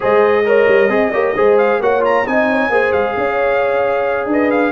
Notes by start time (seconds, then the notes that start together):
0.00 G#3 G#4 C5 D#5
0.45 A#4 C#5
0.68 G3
0.88 C4 G#4 D#5
1.11 A#3 G4 C#5
1.35 G#3 G#4 C5
1.58 F5
1.80 A#3 F#4 C#5 F#5
2.00 F4 A#5
2.25 C4 D#4 D#5 G#5
2.48 C#5
2.69 A#3 G#4 C5
2.92 G#3 F5
3.16 C#4 C#5
4.26 D4 B4
4.32 D#5
4.50 F5